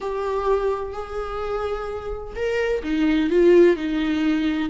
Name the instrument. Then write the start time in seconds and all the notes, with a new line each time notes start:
viola
0.00 G4
0.92 G#4
2.35 A#4
2.83 D#4
3.30 F4
3.76 D#4